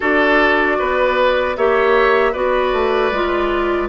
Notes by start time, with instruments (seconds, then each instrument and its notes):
0.00 bassoon D4, clarinet F#4, oboe A4, flute D5
0.78 bassoon B3, oboe B4
1.56 bassoon A#3, clarinet G4, oboe C#5, flute E5
2.32 bassoon B3, clarinet F#4, oboe B4, flute D5
2.72 bassoon A3
3.11 bassoon G#3, clarinet F4